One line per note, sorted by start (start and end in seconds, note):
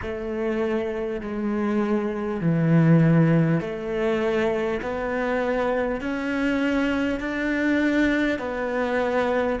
0.02 1.20 A3
1.20 2.40 G#3
2.40 3.60 E3
3.60 4.80 A3
4.82 6.01 B3
6.01 7.20 C#4
7.20 8.38 D4
8.38 9.58 B3